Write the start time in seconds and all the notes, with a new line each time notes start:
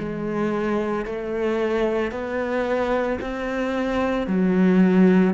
0.00 G#3
1.06 A3
2.12 B3
3.21 C4
4.28 F#3